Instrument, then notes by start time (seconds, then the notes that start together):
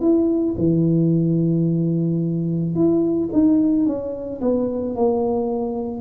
tuba
0.00 E4
0.58 E3
2.75 E4
3.32 D#4
3.85 C#4
4.40 B3
4.95 A#3